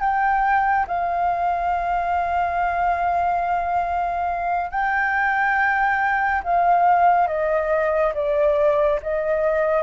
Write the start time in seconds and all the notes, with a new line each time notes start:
0.00 G5
0.87 F5
4.71 G5
6.43 F5
7.27 D#5
8.14 D5
9.02 D#5